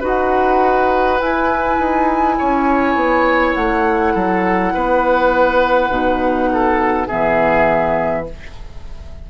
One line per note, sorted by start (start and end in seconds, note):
0.00 1.21 D#4
0.00 1.19 F#4
0.00 2.35 B4
0.00 1.20 F#5
1.20 5.91 E4
1.20 1.79 E4
1.20 3.55 G#5
1.79 2.38 D#4
2.39 2.95 C#4
2.39 4.14 C#5
2.95 3.54 B3
3.55 4.15 A3
3.55 7.08 F#5
4.14 4.74 F#3
4.14 4.73 A4
4.74 5.90 B3
4.74 6.51 B4
5.90 7.07 B2
5.90 7.08 D#4
6.53 7.08 A4
7.08 8.30 E3
7.08 8.26 B3
7.08 8.25 G#4
7.08 8.26 E5